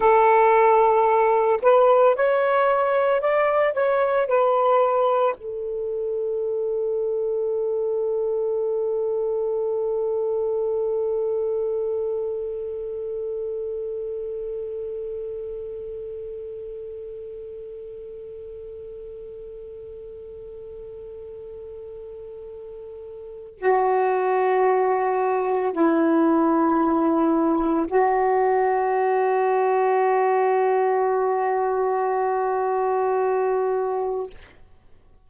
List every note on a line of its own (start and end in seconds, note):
0.00 1.60 A4
1.62 2.15 B4
2.15 3.20 C#5
3.20 3.73 D5
3.73 4.27 C#5
4.27 5.34 B4
5.36 23.58 A4
23.58 25.72 F#4
25.72 27.86 E4
27.87 34.30 F#4